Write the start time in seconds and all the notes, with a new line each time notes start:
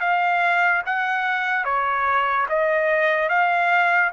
0.00 F5
0.86 F#5
1.64 C#5
2.49 D#5
3.29 F5